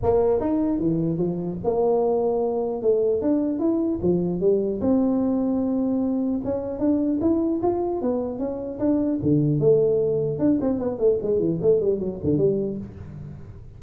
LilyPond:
\new Staff \with { instrumentName = "tuba" } { \time 4/4 \tempo 4 = 150 ais4 dis'4 e4 f4 | ais2. a4 | d'4 e'4 f4 g4 | c'1 |
cis'4 d'4 e'4 f'4 | b4 cis'4 d'4 d4 | a2 d'8 c'8 b8 a8 | gis8 e8 a8 g8 fis8 d8 g4 | }